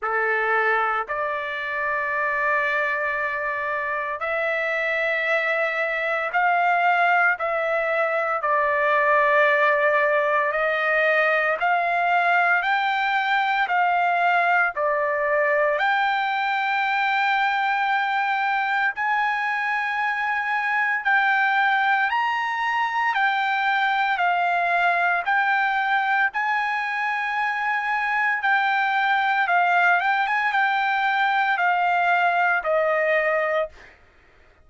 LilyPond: \new Staff \with { instrumentName = "trumpet" } { \time 4/4 \tempo 4 = 57 a'4 d''2. | e''2 f''4 e''4 | d''2 dis''4 f''4 | g''4 f''4 d''4 g''4~ |
g''2 gis''2 | g''4 ais''4 g''4 f''4 | g''4 gis''2 g''4 | f''8 g''16 gis''16 g''4 f''4 dis''4 | }